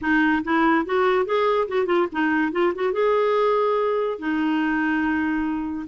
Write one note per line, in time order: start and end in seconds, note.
0.01 0.43 D#4
0.43 0.85 E4
0.85 1.25 F#4
1.25 1.67 G#4
1.68 1.86 F#4
1.86 2.07 F4
2.12 2.52 D#4
2.52 2.73 F4
2.74 2.93 F#4
2.93 4.18 G#4
4.18 5.86 D#4